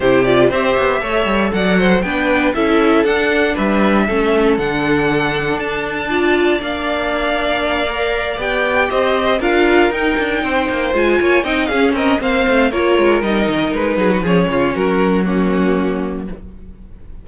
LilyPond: <<
  \new Staff \with { instrumentName = "violin" } { \time 4/4 \tempo 4 = 118 c''8 d''8 e''2 fis''4 | g''4 e''4 fis''4 e''4~ | e''4 fis''2 a''4~ | a''4 f''2.~ |
f''8 g''4 dis''4 f''4 g''8~ | g''4. gis''4 g''8 f''8 dis''8 | f''4 cis''4 dis''4 b'4 | cis''4 ais'4 fis'2 | }
  \new Staff \with { instrumentName = "violin" } { \time 4/4 g'4 c''4 cis''4 d''8 c''8 | b'4 a'2 b'4 | a'1 | d''1~ |
d''4. c''4 ais'4.~ | ais'8 c''4. cis''8 dis''8 gis'8 ais'8 | c''4 ais'2~ ais'8 gis'16 fis'16 | gis'8 f'8 fis'4 cis'2 | }
  \new Staff \with { instrumentName = "viola" } { \time 4/4 e'8 f'8 g'4 a'2 | d'4 e'4 d'2 | cis'4 d'2. | f'4 d'2~ d'8 ais'8~ |
ais'8 g'2 f'4 dis'8~ | dis'4. f'4 dis'8 cis'4 | c'4 f'4 dis'2 | cis'2 ais2 | }
  \new Staff \with { instrumentName = "cello" } { \time 4/4 c4 c'8 b8 a8 g8 fis4 | b4 cis'4 d'4 g4 | a4 d2 d'4~ | d'4 ais2.~ |
ais8 b4 c'4 d'4 dis'8 | d'8 c'8 ais8 gis8 ais8 c'8 cis'8 c'8 | ais8 a8 ais8 gis8 g8 dis8 gis8 fis8 | f8 cis8 fis2. | }
>>